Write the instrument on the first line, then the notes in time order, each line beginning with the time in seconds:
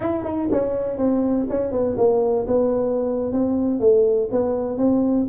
tuba
0.00 E4
0.23 D#4
0.51 C#4
0.97 C4
1.49 C#4
1.71 B3
1.97 A#3
2.47 B3
3.32 C4
3.80 A3
4.31 B3
4.77 C4